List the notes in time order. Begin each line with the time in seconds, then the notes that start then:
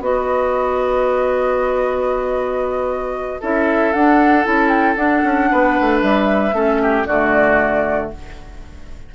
0.00 B3 F#4 B4 D#5
3.40 C#4 E4 A4 E5
3.93 D4 F#5
4.44 C#4 E4 A5
4.69 G5
4.96 D4 F#5
5.24 C#4
5.52 B3 B4
5.81 A3
6.02 G3 E5
6.53 A3 C#4 A4
6.82 G4
7.06 D3 A3 F#4 D5